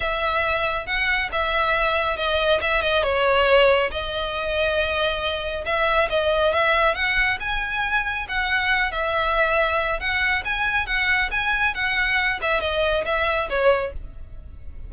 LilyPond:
\new Staff \with { instrumentName = "violin" } { \time 4/4 \tempo 4 = 138 e''2 fis''4 e''4~ | e''4 dis''4 e''8 dis''8 cis''4~ | cis''4 dis''2.~ | dis''4 e''4 dis''4 e''4 |
fis''4 gis''2 fis''4~ | fis''8 e''2~ e''8 fis''4 | gis''4 fis''4 gis''4 fis''4~ | fis''8 e''8 dis''4 e''4 cis''4 | }